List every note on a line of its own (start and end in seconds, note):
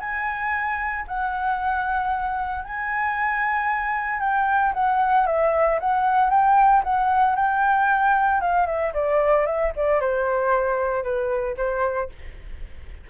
0.00 1.05 G#5
1.08 2.64 F#5
2.64 4.20 G#5
4.20 4.72 G5
4.74 5.26 F#5
5.26 5.79 E5
5.80 6.30 F#5
6.30 6.83 G5
6.83 7.36 F#5
7.36 8.41 G5
8.41 8.67 F5
8.67 8.93 E5
8.94 9.46 D5
9.46 9.72 E5
9.76 10.00 D5
10.00 11.03 C5
11.03 11.56 B4
11.57 12.09 C5